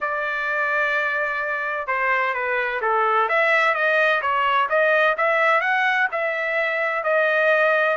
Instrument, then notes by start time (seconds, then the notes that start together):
trumpet
0.00 D5
1.87 C5
2.34 B4
2.81 A4
3.28 E5
3.74 D#5
4.21 C#5
4.69 D#5
5.17 E5
5.61 F#5
6.11 E5
7.03 D#5